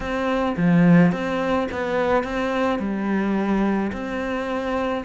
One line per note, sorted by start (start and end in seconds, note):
0.00 0.56 C4
0.57 1.11 F3
1.11 1.67 C4
1.71 2.23 B3
2.23 2.79 C4
2.79 3.91 G3
3.92 5.04 C4